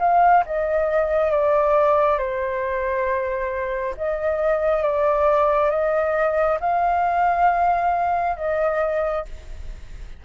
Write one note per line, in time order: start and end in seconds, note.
0.00 0.44 F5
0.46 1.31 D#5
1.31 2.19 D5
2.19 3.95 C5
3.97 4.83 D#5
4.83 5.71 D5
5.71 6.59 D#5
6.61 8.37 F5
8.37 9.25 D#5